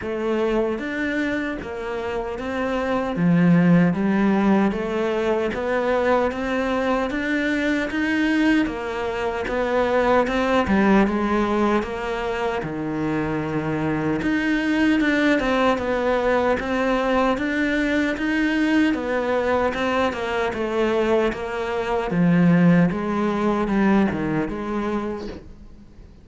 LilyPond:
\new Staff \with { instrumentName = "cello" } { \time 4/4 \tempo 4 = 76 a4 d'4 ais4 c'4 | f4 g4 a4 b4 | c'4 d'4 dis'4 ais4 | b4 c'8 g8 gis4 ais4 |
dis2 dis'4 d'8 c'8 | b4 c'4 d'4 dis'4 | b4 c'8 ais8 a4 ais4 | f4 gis4 g8 dis8 gis4 | }